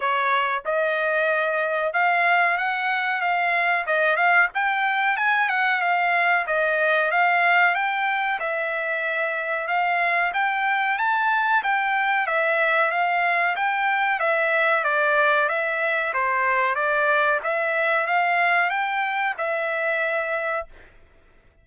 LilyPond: \new Staff \with { instrumentName = "trumpet" } { \time 4/4 \tempo 4 = 93 cis''4 dis''2 f''4 | fis''4 f''4 dis''8 f''8 g''4 | gis''8 fis''8 f''4 dis''4 f''4 | g''4 e''2 f''4 |
g''4 a''4 g''4 e''4 | f''4 g''4 e''4 d''4 | e''4 c''4 d''4 e''4 | f''4 g''4 e''2 | }